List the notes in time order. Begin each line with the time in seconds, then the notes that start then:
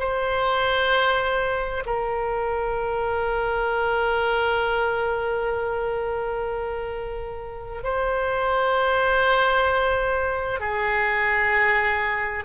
0.00 C5
1.86 A#4
7.84 C5
10.60 G#4